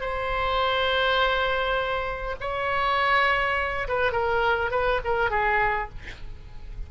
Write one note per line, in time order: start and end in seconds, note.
0.00 2.35 C5
2.40 3.87 C#5
3.87 4.12 B4
4.12 4.71 A#4
4.71 5.00 B4
5.04 5.30 A#4
5.30 5.89 G#4